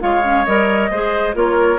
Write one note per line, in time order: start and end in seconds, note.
0.00 0.47 G#3
0.00 0.22 F4
0.00 0.91 C#5
0.00 0.45 F5
0.22 0.45 C#4
0.45 0.90 G3
0.45 0.92 A#4
0.45 1.35 D#5
0.90 1.35 G#3
0.90 1.34 G#4
0.90 1.36 C5
1.34 1.79 A#3
1.34 1.79 F4
1.34 1.79 A#4
1.34 1.79 C#5